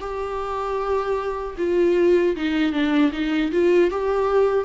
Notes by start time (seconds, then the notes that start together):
0.00 G4
1.58 F4
2.36 D#4
2.73 D4
3.12 D#4
3.52 F4
3.91 G4